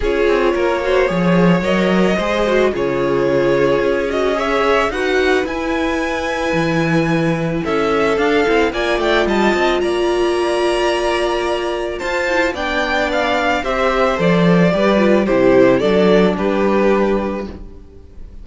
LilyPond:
<<
  \new Staff \with { instrumentName = "violin" } { \time 4/4 \tempo 4 = 110 cis''2. dis''4~ | dis''4 cis''2~ cis''8 dis''8 | e''4 fis''4 gis''2~ | gis''2 e''4 f''4 |
gis''8 g''8 a''4 ais''2~ | ais''2 a''4 g''4 | f''4 e''4 d''2 | c''4 d''4 b'2 | }
  \new Staff \with { instrumentName = "violin" } { \time 4/4 gis'4 ais'8 c''8 cis''2 | c''4 gis'2. | cis''4 b'2.~ | b'2 a'2 |
d''4 dis''4 d''2~ | d''2 c''4 d''4~ | d''4 c''2 b'4 | g'4 a'4 g'2 | }
  \new Staff \with { instrumentName = "viola" } { \time 4/4 f'4. fis'8 gis'4 ais'4 | gis'8 fis'8 f'2~ f'8 fis'8 | gis'4 fis'4 e'2~ | e'2. d'8 e'8 |
f'1~ | f'2~ f'8 e'8 d'4~ | d'4 g'4 a'4 g'8 f'8 | e'4 d'2. | }
  \new Staff \with { instrumentName = "cello" } { \time 4/4 cis'8 c'8 ais4 f4 fis4 | gis4 cis2 cis'4~ | cis'4 dis'4 e'2 | e2 cis'4 d'8 c'8 |
ais8 a8 g8 c'8 ais2~ | ais2 f'4 b4~ | b4 c'4 f4 g4 | c4 fis4 g2 | }
>>